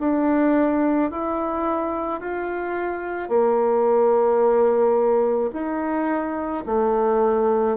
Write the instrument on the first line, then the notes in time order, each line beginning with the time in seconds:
bassoon
0.00 D4
1.11 E4
2.21 F4
3.29 A#3
5.53 D#4
6.67 A3